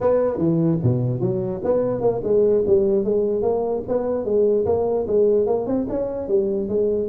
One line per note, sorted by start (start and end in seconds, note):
0.00 0.37 B3
0.37 0.78 E3
0.82 1.20 B2
1.20 1.61 F#3
1.64 2.01 B3
2.01 2.21 A#3
2.23 2.64 G#3
2.66 3.04 G3
3.04 3.41 G#3
3.41 3.82 A#3
3.88 4.24 B3
4.24 4.65 G#3
4.65 5.06 A#3
5.07 5.46 G#3
5.46 5.66 A#3
5.66 5.86 C4
5.89 6.28 C#4
6.28 6.68 G3
6.68 7.08 G#3